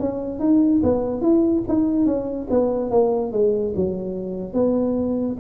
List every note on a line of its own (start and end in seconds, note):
0.00 0.40 C#4
0.40 0.82 D#4
0.83 1.22 B3
1.22 1.64 E4
1.69 2.06 D#4
2.06 2.48 C#4
2.51 2.91 B3
2.91 3.33 A#3
3.33 3.74 G#3
3.76 4.54 F#3
4.54 5.37 B3